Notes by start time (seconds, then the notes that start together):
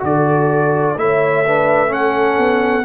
0.00 D3 F#4 A4 D5
0.97 A3 E4 C#5 E5
1.46 D4 B4
1.87 C#4 A4 F#5
2.38 B3